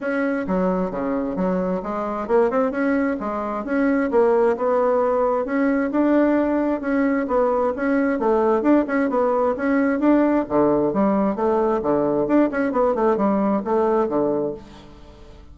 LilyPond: \new Staff \with { instrumentName = "bassoon" } { \time 4/4 \tempo 4 = 132 cis'4 fis4 cis4 fis4 | gis4 ais8 c'8 cis'4 gis4 | cis'4 ais4 b2 | cis'4 d'2 cis'4 |
b4 cis'4 a4 d'8 cis'8 | b4 cis'4 d'4 d4 | g4 a4 d4 d'8 cis'8 | b8 a8 g4 a4 d4 | }